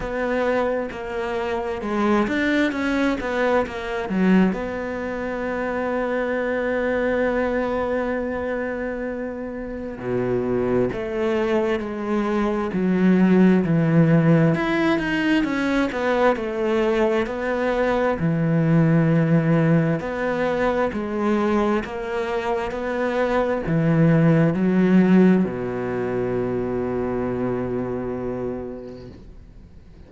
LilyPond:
\new Staff \with { instrumentName = "cello" } { \time 4/4 \tempo 4 = 66 b4 ais4 gis8 d'8 cis'8 b8 | ais8 fis8 b2.~ | b2. b,4 | a4 gis4 fis4 e4 |
e'8 dis'8 cis'8 b8 a4 b4 | e2 b4 gis4 | ais4 b4 e4 fis4 | b,1 | }